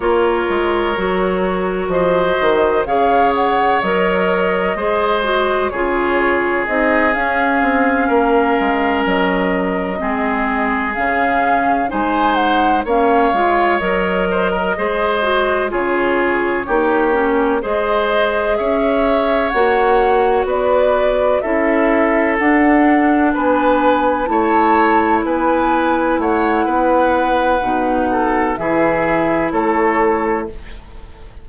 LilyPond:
<<
  \new Staff \with { instrumentName = "flute" } { \time 4/4 \tempo 4 = 63 cis''2 dis''4 f''8 fis''8 | dis''2 cis''4 dis''8 f''8~ | f''4. dis''2 f''8~ | f''8 gis''8 fis''8 f''4 dis''4.~ |
dis''8 cis''2 dis''4 e''8~ | e''8 fis''4 d''4 e''4 fis''8~ | fis''8 gis''4 a''4 gis''4 fis''8~ | fis''2 e''4 cis''4 | }
  \new Staff \with { instrumentName = "oboe" } { \time 4/4 ais'2 c''4 cis''4~ | cis''4 c''4 gis'2~ | gis'8 ais'2 gis'4.~ | gis'8 c''4 cis''4. c''16 ais'16 c''8~ |
c''8 gis'4 g'4 c''4 cis''8~ | cis''4. b'4 a'4.~ | a'8 b'4 cis''4 b'4 cis''8 | b'4. a'8 gis'4 a'4 | }
  \new Staff \with { instrumentName = "clarinet" } { \time 4/4 f'4 fis'2 gis'4 | ais'4 gis'8 fis'8 f'4 dis'8 cis'8~ | cis'2~ cis'8 c'4 cis'8~ | cis'8 dis'4 cis'8 f'8 ais'4 gis'8 |
fis'8 f'4 dis'8 cis'8 gis'4.~ | gis'8 fis'2 e'4 d'8~ | d'4. e'2~ e'8~ | e'4 dis'4 e'2 | }
  \new Staff \with { instrumentName = "bassoon" } { \time 4/4 ais8 gis8 fis4 f8 dis8 cis4 | fis4 gis4 cis4 c'8 cis'8 | c'8 ais8 gis8 fis4 gis4 cis8~ | cis8 gis4 ais8 gis8 fis4 gis8~ |
gis8 cis4 ais4 gis4 cis'8~ | cis'8 ais4 b4 cis'4 d'8~ | d'8 b4 a4 b4 a8 | b4 b,4 e4 a4 | }
>>